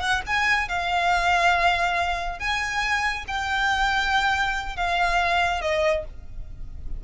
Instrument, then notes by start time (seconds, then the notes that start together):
violin
0.00 F#5
0.26 G#5
0.68 F5
2.39 G#5
3.27 G5
4.76 F5
5.61 D#5